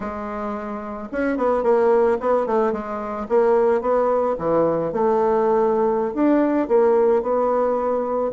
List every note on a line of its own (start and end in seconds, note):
0.00 1.08 G#3
1.12 1.37 C#4
1.37 1.63 B3
1.63 2.17 A#3
2.20 2.46 B3
2.46 2.72 A3
2.72 3.26 G#3
3.29 3.81 A#3
3.81 4.35 B3
4.38 4.92 E3
4.92 6.14 A3
6.14 6.68 D4
6.68 7.22 A#3
7.22 8.31 B3